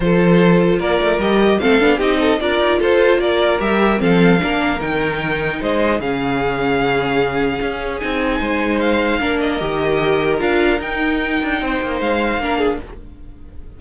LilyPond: <<
  \new Staff \with { instrumentName = "violin" } { \time 4/4 \tempo 4 = 150 c''2 d''4 dis''4 | f''4 dis''4 d''4 c''4 | d''4 e''4 f''2 | g''2 dis''4 f''4~ |
f''1 | gis''2 f''4. dis''8~ | dis''2 f''4 g''4~ | g''2 f''2 | }
  \new Staff \with { instrumentName = "violin" } { \time 4/4 a'2 ais'2 | a'4 g'8 a'8 ais'4 a'4 | ais'2 a'4 ais'4~ | ais'2 c''4 gis'4~ |
gis'1~ | gis'4 c''2 ais'4~ | ais'1~ | ais'4 c''2 ais'8 gis'8 | }
  \new Staff \with { instrumentName = "viola" } { \time 4/4 f'2. g'4 | c'8 d'8 dis'4 f'2~ | f'4 g'4 c'4 d'4 | dis'2. cis'4~ |
cis'1 | dis'2. d'4 | g'2 f'4 dis'4~ | dis'2. d'4 | }
  \new Staff \with { instrumentName = "cello" } { \time 4/4 f2 ais8 a8 g4 | a8 b8 c'4 d'8 dis'8 f'4 | ais4 g4 f4 ais4 | dis2 gis4 cis4~ |
cis2. cis'4 | c'4 gis2 ais4 | dis2 d'4 dis'4~ | dis'8 d'8 c'8 ais8 gis4 ais4 | }
>>